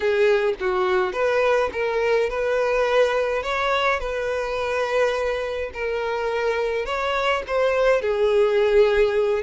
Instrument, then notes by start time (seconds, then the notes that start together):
violin
0.00 G#4
0.60 F#4
1.12 B4
1.72 A#4
2.29 B4
3.42 C#5
3.99 B4
5.73 A#4
6.85 C#5
7.47 C5
8.01 G#4